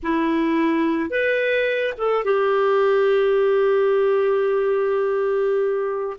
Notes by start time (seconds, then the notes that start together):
0.03 E4
1.10 B4
1.97 A4
2.24 G4